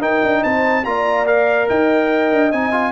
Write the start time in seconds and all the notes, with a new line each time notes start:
0.00 D#4 A#4 G5
0.23 D4
0.43 C4 C5 A5
0.85 A#3 F4 D5 A#5
1.26 A#4 F5
1.69 D#4 D#5 G5
2.33 D4
2.52 C4 D#4 G#5
2.72 F4